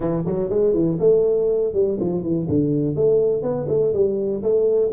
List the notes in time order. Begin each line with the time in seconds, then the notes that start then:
0.00 E3
0.25 F#3
0.49 G#3
0.73 E3
0.99 A3
1.73 G3
2.00 F3
2.22 E3
2.49 D3
2.95 A3
3.42 B3
3.68 A3
3.93 G3
4.42 A3